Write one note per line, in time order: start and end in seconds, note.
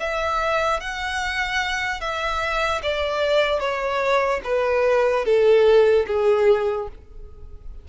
0.00 0.81 E5
0.81 2.01 F#5
2.01 2.82 E5
2.83 3.60 D5
3.60 4.41 C#5
4.44 5.25 B4
5.25 6.06 A4
6.07 6.88 G#4